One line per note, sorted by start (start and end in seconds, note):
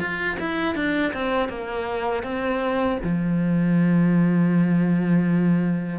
0.00 0.38 F4
0.40 0.76 E4
0.76 1.13 D4
1.13 1.49 C4
1.49 2.24 A#3
2.24 2.99 C4
3.04 5.99 F3